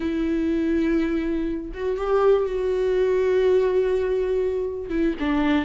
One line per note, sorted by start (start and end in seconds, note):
0.00 1.71 E4
1.73 1.97 F#4
1.97 2.46 G4
2.46 4.89 F#4
4.89 5.14 E4
5.19 5.65 D4